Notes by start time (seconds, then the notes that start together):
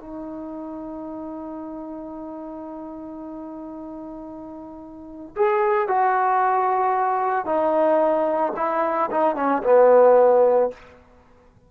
0.00 D#4
5.36 G#4
5.88 F#4
7.46 D#4
8.57 E4
9.11 D#4
9.36 C#4
9.64 B3